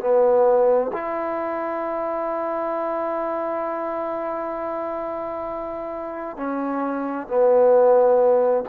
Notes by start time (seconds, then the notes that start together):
0.00 B3
0.93 E4
6.36 C#4
7.28 B3